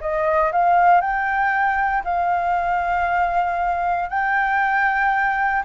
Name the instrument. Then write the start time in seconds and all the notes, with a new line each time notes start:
flute
0.00 D#5
0.52 F5
1.00 G5
2.04 F5
4.09 G5